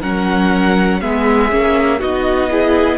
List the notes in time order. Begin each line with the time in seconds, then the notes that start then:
0.00 F#3 C#4 A#4 F#5
1.00 G#3 B3 G#4 E5
1.50 A#3 C#4
1.99 B3 D#4 F#4 D#5
2.50 E4 G#4